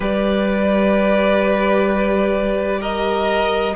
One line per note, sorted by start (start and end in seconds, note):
0.00 3.74 G3
0.00 3.74 G4
0.00 2.80 B4
0.00 2.81 D5
2.80 3.74 A#4
2.80 3.75 D#5